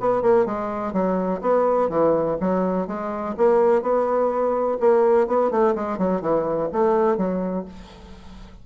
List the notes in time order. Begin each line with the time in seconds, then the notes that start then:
0.00 B3
0.22 A#3
0.46 G#3
0.93 F#3
1.41 B3
1.89 E3
2.40 F#3
2.87 G#3
3.37 A#3
3.82 B3
4.80 A#3
5.27 B3
5.51 A3
5.75 G#3
5.98 F#3
6.21 E3
6.72 A3
7.17 F#3